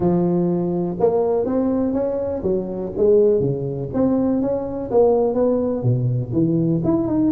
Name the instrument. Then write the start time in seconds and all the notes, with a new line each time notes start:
tuba
0.00 F3
0.99 A#3
1.45 C4
1.93 C#4
2.42 F#3
2.96 G#3
3.40 C#3
3.93 C4
4.41 C#4
4.90 A#3
5.34 B3
5.82 B2
6.33 E3
6.84 E4
7.07 D#4